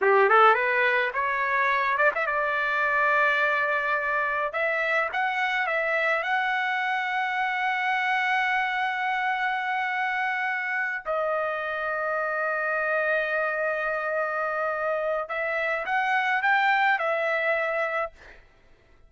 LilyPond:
\new Staff \with { instrumentName = "trumpet" } { \time 4/4 \tempo 4 = 106 g'8 a'8 b'4 cis''4. d''16 e''16 | d''1 | e''4 fis''4 e''4 fis''4~ | fis''1~ |
fis''2.~ fis''8 dis''8~ | dis''1~ | dis''2. e''4 | fis''4 g''4 e''2 | }